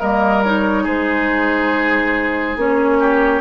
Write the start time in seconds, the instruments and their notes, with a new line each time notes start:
0.00 bassoon G3, clarinet A#3, oboe A#4, flute D#5
0.44 clarinet D#4, flute C#5
0.84 bassoon G#3, oboe G#4, flute C5
2.56 bassoon A#3, clarinet C#4, flute C#5
3.00 oboe G4